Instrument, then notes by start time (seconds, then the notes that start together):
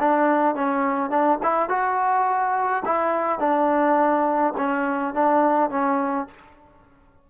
trombone
0.00 D4
0.56 C#4
1.10 D4
1.43 E4
1.69 F#4
2.86 E4
3.40 D4
4.57 C#4
5.14 D4
5.70 C#4